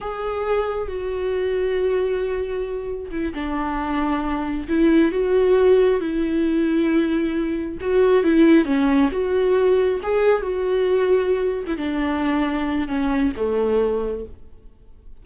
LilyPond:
\new Staff \with { instrumentName = "viola" } { \time 4/4 \tempo 4 = 135 gis'2 fis'2~ | fis'2. e'8 d'8~ | d'2~ d'8 e'4 fis'8~ | fis'4. e'2~ e'8~ |
e'4. fis'4 e'4 cis'8~ | cis'8 fis'2 gis'4 fis'8~ | fis'2~ fis'16 e'16 d'4.~ | d'4 cis'4 a2 | }